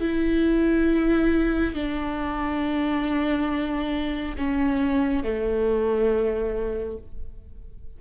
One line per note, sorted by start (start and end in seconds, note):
0.00 1.74 E4
1.74 4.35 D4
4.37 5.23 C#4
5.23 6.97 A3